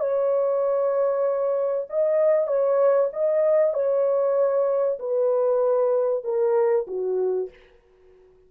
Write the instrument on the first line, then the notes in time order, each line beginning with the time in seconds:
horn
0.00 C#5
1.90 D#5
2.47 C#5
3.13 D#5
3.74 C#5
4.99 B4
6.24 A#4
6.88 F#4